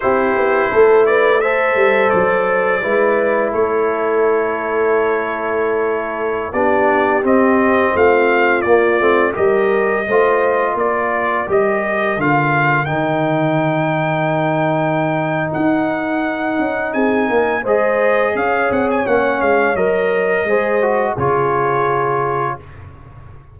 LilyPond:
<<
  \new Staff \with { instrumentName = "trumpet" } { \time 4/4 \tempo 4 = 85 c''4. d''8 e''4 d''4~ | d''4 cis''2.~ | cis''4~ cis''16 d''4 dis''4 f''8.~ | f''16 d''4 dis''2 d''8.~ |
d''16 dis''4 f''4 g''4.~ g''16~ | g''2 fis''2 | gis''4 dis''4 f''8 fis''16 gis''16 fis''8 f''8 | dis''2 cis''2 | }
  \new Staff \with { instrumentName = "horn" } { \time 4/4 g'4 a'8 b'8 c''2 | b'4 a'2.~ | a'4~ a'16 g'2 f'8.~ | f'4~ f'16 ais'4 c''4 ais'8.~ |
ais'1~ | ais'1 | gis'8 ais'8 c''4 cis''2~ | cis''4 c''4 gis'2 | }
  \new Staff \with { instrumentName = "trombone" } { \time 4/4 e'2 a'2 | e'1~ | e'4~ e'16 d'4 c'4.~ c'16~ | c'16 ais8 c'8 g'4 f'4.~ f'16~ |
f'16 g'4 f'4 dis'4.~ dis'16~ | dis'1~ | dis'4 gis'2 cis'4 | ais'4 gis'8 fis'8 f'2 | }
  \new Staff \with { instrumentName = "tuba" } { \time 4/4 c'8 b8 a4. g8 fis4 | gis4 a2.~ | a4~ a16 b4 c'4 a8.~ | a16 ais8 a8 g4 a4 ais8.~ |
ais16 g4 d4 dis4.~ dis16~ | dis2 dis'4. cis'8 | c'8 ais8 gis4 cis'8 c'8 ais8 gis8 | fis4 gis4 cis2 | }
>>